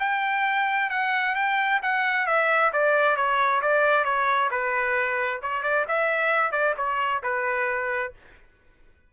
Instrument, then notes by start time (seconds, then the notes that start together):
trumpet
0.00 G5
0.90 F#5
1.36 G5
1.83 F#5
2.27 E5
2.73 D5
3.16 C#5
3.62 D5
4.05 C#5
4.51 B4
5.42 C#5
5.63 D5
5.88 E5
6.52 D5
6.78 C#5
7.23 B4